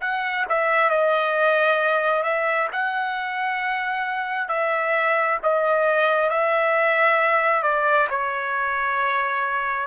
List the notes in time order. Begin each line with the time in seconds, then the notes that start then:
0.00 F#5
0.49 E5
0.90 D#5
2.23 E5
2.72 F#5
4.48 E5
5.43 D#5
6.29 E5
7.62 D5
8.10 C#5